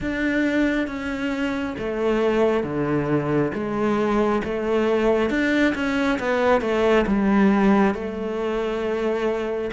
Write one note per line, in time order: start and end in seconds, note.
0.00 0.87 D4
0.87 1.75 C#4
1.78 2.63 A3
2.63 3.51 D3
3.53 4.42 G#3
4.44 5.29 A3
5.29 5.74 D4
5.74 6.18 C#4
6.19 6.61 B3
6.61 7.05 A3
7.06 7.94 G3
7.94 9.71 A3